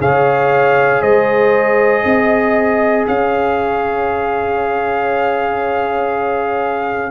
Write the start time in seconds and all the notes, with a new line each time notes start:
0.00 C#3 G#4 C#5 F5
1.01 G#3 C5 D#5
2.05 C4 D#5
3.07 C#4 C#5 F5